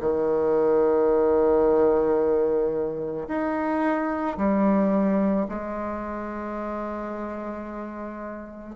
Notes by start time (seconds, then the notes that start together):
0.00 D#3
3.27 D#4
4.37 G3
5.48 G#3